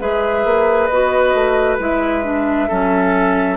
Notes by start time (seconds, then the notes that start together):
0.00 G#3 G#4 B4 E5
0.45 A#3
0.87 B3 F#4 D#5
1.34 A3
1.79 G#3 E4 E5
2.24 D4
2.68 F#3 C#4 A4